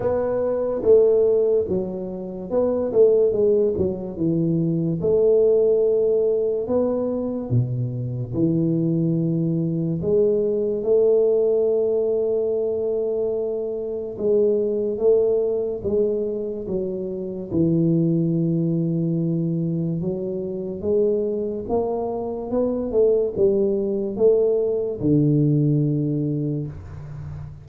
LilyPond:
\new Staff \with { instrumentName = "tuba" } { \time 4/4 \tempo 4 = 72 b4 a4 fis4 b8 a8 | gis8 fis8 e4 a2 | b4 b,4 e2 | gis4 a2.~ |
a4 gis4 a4 gis4 | fis4 e2. | fis4 gis4 ais4 b8 a8 | g4 a4 d2 | }